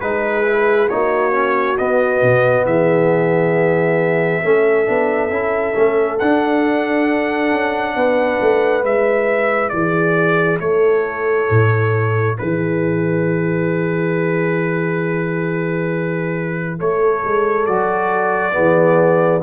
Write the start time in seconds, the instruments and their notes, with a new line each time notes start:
0.00 tuba G#3, trombone D#4, horn G#4, trumpet B4
0.44 trombone E4
0.89 tuba A#3, trombone D#4, horn F#4, trumpet C#5
1.32 trombone C#4
1.77 trombone B3, tuba B3, trumpet D#5
2.22 tuba B2
2.65 tuba E3, horn G#4, trumpet E5
4.43 tuba A3, trombone C#4, horn A4
4.85 tuba B3, trombone D4
5.30 tuba C#4, trombone E4
5.74 tuba A3, trombone C#4
6.19 tuba D4, trombone D4, trumpet F#5
7.51 tuba C#4
7.95 tuba B3, horn B4
8.41 tuba A3
8.83 tuba G#3, trombone E4, trumpet E5
9.69 tuba E3, horn G#4, trumpet D5
10.60 tuba A3, horn A4, trumpet C#5
11.50 tuba A2
12.38 tuba E3, horn G#4, trumpet B4
16.78 tuba A3, horn A4, trumpet C#5
17.24 tuba G#3
17.66 tuba F#3, trombone F#4, trumpet D5
18.52 tuba E3, trombone B3, horn G#4